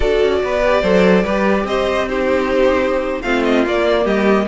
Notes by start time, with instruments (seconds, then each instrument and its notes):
0.00 cello D4, viola F#4, violin A4 D5
0.22 cello C#4
0.43 cello B3, violin B4
0.64 viola G4
0.81 cello F#3, viola A4, violin C5
1.23 cello G3, viola G4, violin B4
1.64 cello C4, violin C5 D#5
2.08 viola D#4, violin G4 C5
3.22 cello A3, viola C4, violin F4 F5
3.43 violin D#5
3.65 cello A#3, viola A#3, violin D5
4.04 cello G3, violin G4 D#5